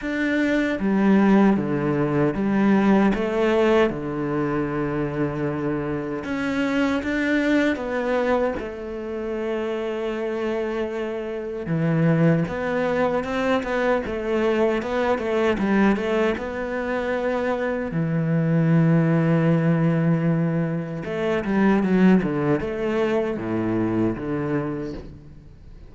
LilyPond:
\new Staff \with { instrumentName = "cello" } { \time 4/4 \tempo 4 = 77 d'4 g4 d4 g4 | a4 d2. | cis'4 d'4 b4 a4~ | a2. e4 |
b4 c'8 b8 a4 b8 a8 | g8 a8 b2 e4~ | e2. a8 g8 | fis8 d8 a4 a,4 d4 | }